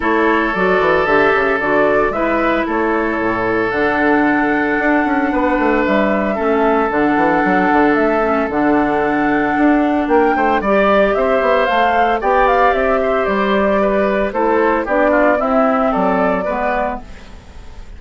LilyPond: <<
  \new Staff \with { instrumentName = "flute" } { \time 4/4 \tempo 4 = 113 cis''4 d''4 e''4 d''4 | e''4 cis''2 fis''4~ | fis''2. e''4~ | e''4 fis''2 e''4 |
fis''2. g''4 | d''4 e''4 f''4 g''8 f''8 | e''4 d''2 c''4 | d''4 e''4 d''2 | }
  \new Staff \with { instrumentName = "oboe" } { \time 4/4 a'1 | b'4 a'2.~ | a'2 b'2 | a'1~ |
a'2. ais'8 c''8 | d''4 c''2 d''4~ | d''8 c''4. b'4 a'4 | g'8 f'8 e'4 a'4 b'4 | }
  \new Staff \with { instrumentName = "clarinet" } { \time 4/4 e'4 fis'4 g'4 fis'4 | e'2. d'4~ | d'1 | cis'4 d'2~ d'8 cis'8 |
d'1 | g'2 a'4 g'4~ | g'2. e'4 | d'4 c'2 b4 | }
  \new Staff \with { instrumentName = "bassoon" } { \time 4/4 a4 fis8 e8 d8 cis8 d4 | gis4 a4 a,4 d4~ | d4 d'8 cis'8 b8 a8 g4 | a4 d8 e8 fis8 d8 a4 |
d2 d'4 ais8 a8 | g4 c'8 b8 a4 b4 | c'4 g2 a4 | b4 c'4 fis4 gis4 | }
>>